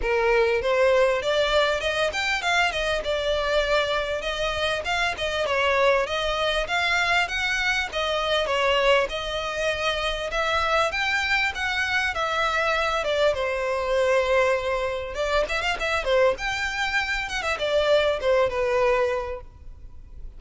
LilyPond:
\new Staff \with { instrumentName = "violin" } { \time 4/4 \tempo 4 = 99 ais'4 c''4 d''4 dis''8 g''8 | f''8 dis''8 d''2 dis''4 | f''8 dis''8 cis''4 dis''4 f''4 | fis''4 dis''4 cis''4 dis''4~ |
dis''4 e''4 g''4 fis''4 | e''4. d''8 c''2~ | c''4 d''8 e''16 f''16 e''8 c''8 g''4~ | g''8 fis''16 e''16 d''4 c''8 b'4. | }